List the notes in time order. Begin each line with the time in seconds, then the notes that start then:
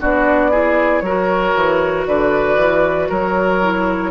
0.00 B3 D4 F#4 D5
0.50 E4 G#4
1.00 F#3 A#4 C#5
1.06 F#4
1.55 E3
2.06 D3 B4 D5
2.56 E3
3.09 F#3 A#4 C#5
3.62 E4